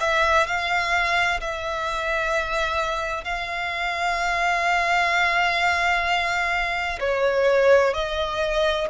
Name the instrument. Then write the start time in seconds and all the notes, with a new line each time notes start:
violin
0.00 E5
0.46 F5
1.41 E5
3.24 F5
7.00 C#5
7.94 D#5